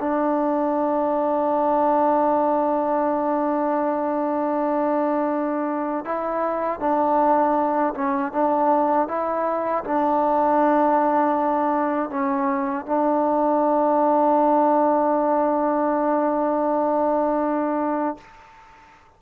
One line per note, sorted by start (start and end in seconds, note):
0.00 6.05 D4
6.05 6.80 E4
6.80 7.94 D4
7.95 8.32 C#4
8.32 9.08 D4
9.08 9.84 E4
9.85 12.10 D4
12.10 12.86 C#4
12.86 18.18 D4